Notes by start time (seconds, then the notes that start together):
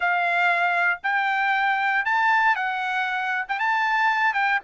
0.00 F5
1.03 G5
2.05 A5
2.55 F#5
3.48 G5
3.59 A5
4.33 G5